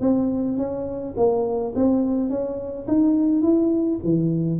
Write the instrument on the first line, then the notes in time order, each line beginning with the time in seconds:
tuba
0.00 C4
0.57 C#4
1.16 A#3
1.75 C4
2.29 C#4
2.87 D#4
3.42 E4
4.03 E3